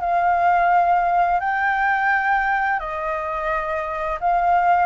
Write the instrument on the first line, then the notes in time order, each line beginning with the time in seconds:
flute
0.00 F5
1.40 G5
2.79 D#5
4.20 F5